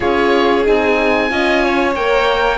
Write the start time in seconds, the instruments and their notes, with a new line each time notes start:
0.00 cello C#4, horn F4, violin G#4, oboe C#5
0.64 cello C4, horn D#4, oboe G#5
1.29 cello C#4, horn F4, violin D#5
1.64 violin C#5
1.95 cello A#3, horn A#4, oboe G5